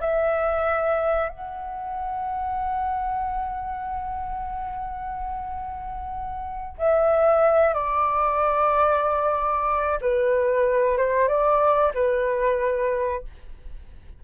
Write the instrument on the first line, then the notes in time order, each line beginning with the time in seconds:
flute
0.00 E5
1.28 F#5
6.78 E5
7.74 D5
10.01 B4
10.97 C5
11.28 D5
11.94 B4